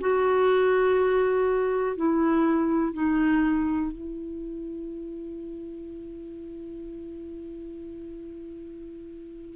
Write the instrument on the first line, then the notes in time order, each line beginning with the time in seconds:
clarinet
0.00 F#4
1.96 E4
2.93 D#4
3.92 E4